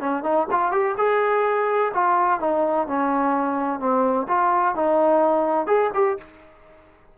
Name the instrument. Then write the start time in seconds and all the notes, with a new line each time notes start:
trombone
0.00 C#4
0.23 D#4
0.51 F4
0.71 G4
0.98 G#4
1.94 F4
2.40 D#4
2.87 C#4
3.79 C4
4.28 F4
4.75 D#4
5.67 G#4
5.94 G4